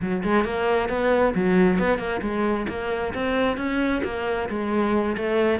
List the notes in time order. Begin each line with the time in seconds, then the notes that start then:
0.01 F#3
0.23 G#3
0.44 A#3
0.89 B3
1.34 F#3
1.78 B3
1.98 A#3
2.21 G#3
2.68 A#3
3.14 C4
3.57 C#4
4.04 A#3
4.49 G#3
5.17 A3